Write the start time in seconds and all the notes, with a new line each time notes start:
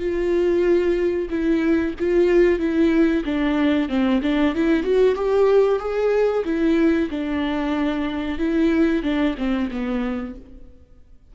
0.00 F4
1.30 E4
1.99 F4
2.59 E4
3.25 D4
3.89 C4
4.23 D4
4.55 E4
4.83 F#4
5.16 G4
5.79 G#4
6.45 E4
7.11 D4
8.39 E4
9.03 D4
9.38 C4
9.71 B3